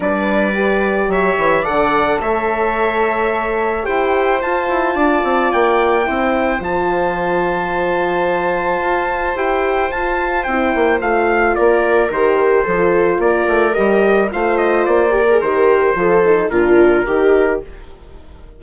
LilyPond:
<<
  \new Staff \with { instrumentName = "trumpet" } { \time 4/4 \tempo 4 = 109 d''2 e''4 fis''4 | e''2. g''4 | a''2 g''2 | a''1~ |
a''4 g''4 a''4 g''4 | f''4 d''4 c''2 | d''4 dis''4 f''8 dis''8 d''4 | c''2 ais'2 | }
  \new Staff \with { instrumentName = "viola" } { \time 4/4 b'2 cis''4 d''4 | cis''2. c''4~ | c''4 d''2 c''4~ | c''1~ |
c''1~ | c''4 ais'2 a'4 | ais'2 c''4. ais'8~ | ais'4 a'4 f'4 g'4 | }
  \new Staff \with { instrumentName = "horn" } { \time 4/4 d'4 g'2 a'4~ | a'2. g'4 | f'2. e'4 | f'1~ |
f'4 g'4 f'4 e'4 | f'2 g'4 f'4~ | f'4 g'4 f'4. g'16 gis'16 | g'4 f'8 dis'8 d'4 dis'4 | }
  \new Staff \with { instrumentName = "bassoon" } { \time 4/4 g2 fis8 e8 d4 | a2. e'4 | f'8 e'8 d'8 c'8 ais4 c'4 | f1 |
f'4 e'4 f'4 c'8 ais8 | a4 ais4 dis4 f4 | ais8 a8 g4 a4 ais4 | dis4 f4 ais,4 dis4 | }
>>